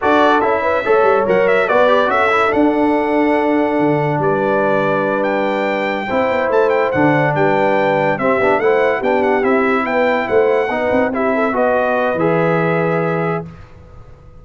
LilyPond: <<
  \new Staff \with { instrumentName = "trumpet" } { \time 4/4 \tempo 4 = 143 d''4 e''2 fis''8 e''8 | d''4 e''4 fis''2~ | fis''2 d''2~ | d''8 g''2. a''8 |
g''8 fis''4 g''2 e''8~ | e''8 fis''4 g''8 fis''8 e''4 g''8~ | g''8 fis''2 e''4 dis''8~ | dis''4 e''2. | }
  \new Staff \with { instrumentName = "horn" } { \time 4/4 a'4. b'8 cis''2 | b'4 a'2.~ | a'2 b'2~ | b'2~ b'8 c''4.~ |
c''4. b'2 g'8~ | g'8 c''4 g'2 b'8~ | b'8 c''4 b'4 g'8 a'8 b'8~ | b'1 | }
  \new Staff \with { instrumentName = "trombone" } { \time 4/4 fis'4 e'4 a'4 ais'4 | fis'8 g'8 fis'8 e'8 d'2~ | d'1~ | d'2~ d'8 e'4.~ |
e'8 d'2. c'8 | d'8 e'4 d'4 e'4.~ | e'4. dis'4 e'4 fis'8~ | fis'4 gis'2. | }
  \new Staff \with { instrumentName = "tuba" } { \time 4/4 d'4 cis'4 a8 g8 fis4 | b4 cis'4 d'2~ | d'4 d4 g2~ | g2~ g8 c'8 b8 a8~ |
a8 d4 g2 c'8 | b8 a4 b4 c'4 b8~ | b8 a4 b8 c'4. b8~ | b4 e2. | }
>>